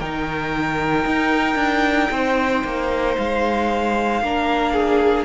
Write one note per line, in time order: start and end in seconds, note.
0.00 1.06 D#3
0.00 4.23 D#4
0.00 2.11 A#4
0.00 3.16 G5
1.06 1.55 D#4
1.55 2.08 D4
2.11 2.63 C4
2.11 4.23 C5
2.64 3.16 A#3
3.17 4.21 G#3
3.17 5.25 F5
4.21 5.25 A#3
4.21 5.25 D4
4.21 4.73 A#4
4.73 5.25 G#4